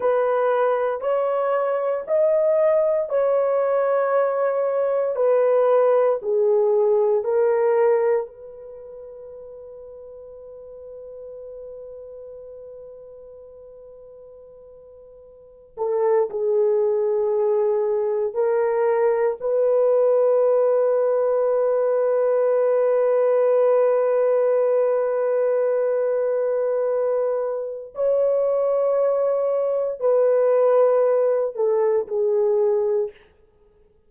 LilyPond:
\new Staff \with { instrumentName = "horn" } { \time 4/4 \tempo 4 = 58 b'4 cis''4 dis''4 cis''4~ | cis''4 b'4 gis'4 ais'4 | b'1~ | b'2.~ b'16 a'8 gis'16~ |
gis'4.~ gis'16 ais'4 b'4~ b'16~ | b'1~ | b'2. cis''4~ | cis''4 b'4. a'8 gis'4 | }